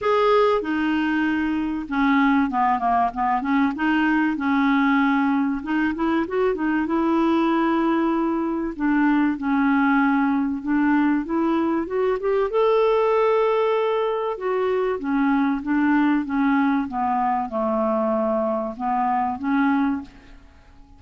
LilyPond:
\new Staff \with { instrumentName = "clarinet" } { \time 4/4 \tempo 4 = 96 gis'4 dis'2 cis'4 | b8 ais8 b8 cis'8 dis'4 cis'4~ | cis'4 dis'8 e'8 fis'8 dis'8 e'4~ | e'2 d'4 cis'4~ |
cis'4 d'4 e'4 fis'8 g'8 | a'2. fis'4 | cis'4 d'4 cis'4 b4 | a2 b4 cis'4 | }